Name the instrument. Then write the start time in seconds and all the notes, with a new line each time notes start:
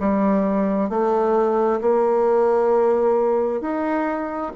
bassoon
0.00 G3
0.90 A3
1.81 A#3
3.61 D#4